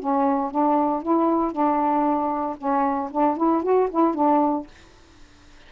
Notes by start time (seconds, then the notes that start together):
0.00 C#4
0.51 D4
1.03 E4
1.52 D4
2.58 C#4
3.11 D4
3.37 E4
3.63 F#4
3.91 E4
4.15 D4